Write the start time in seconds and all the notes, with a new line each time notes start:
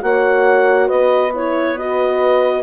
0.00 A#3 F#4 C#5 F#5
0.87 B3 B4 D#5
1.34 E4 C#5
1.77 F#4 D#5